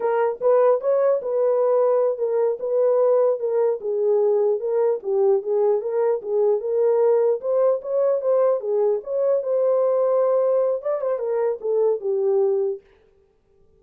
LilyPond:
\new Staff \with { instrumentName = "horn" } { \time 4/4 \tempo 4 = 150 ais'4 b'4 cis''4 b'4~ | b'4. ais'4 b'4.~ | b'8 ais'4 gis'2 ais'8~ | ais'8 g'4 gis'4 ais'4 gis'8~ |
gis'8 ais'2 c''4 cis''8~ | cis''8 c''4 gis'4 cis''4 c''8~ | c''2. d''8 c''8 | ais'4 a'4 g'2 | }